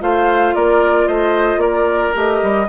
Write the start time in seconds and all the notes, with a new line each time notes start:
0.00 A3 F4 C5 F5
0.54 A#3 A#4 D5
1.06 A3 C5 D#5
1.57 A#3 A#4 D5
2.13 A3 G4 D#5
2.42 G3